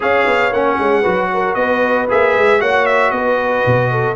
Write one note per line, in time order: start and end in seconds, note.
0.00 0.26 C#4
0.00 0.51 G#4
0.00 1.01 C#5
0.00 0.53 F5
0.26 0.52 B3
0.52 0.78 A#3
0.52 1.03 C#4
0.52 1.54 F#5
0.79 1.05 G#3
1.01 1.55 F#3
1.01 2.08 F#4
1.01 1.27 B4
1.33 1.57 A#4
1.54 2.07 B3
1.54 2.60 B4
1.54 2.06 D#5
2.09 2.36 A#3
2.09 2.59 G#4
2.09 2.61 E5
2.36 2.61 G#3
2.59 3.11 A#3
2.59 4.15 F#4
2.59 3.12 C#5
2.59 2.85 F#5
2.85 3.11 E5
3.11 3.63 B3
3.11 3.91 B4
3.11 4.15 D#5
3.66 4.15 B2
3.91 4.15 A4